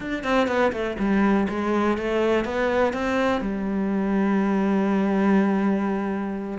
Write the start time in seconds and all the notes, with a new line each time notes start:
0.00 D4
0.23 C4
0.47 B3
0.72 A3
0.98 G3
1.49 G#3
1.97 A3
2.45 B3
2.93 C4
3.41 G3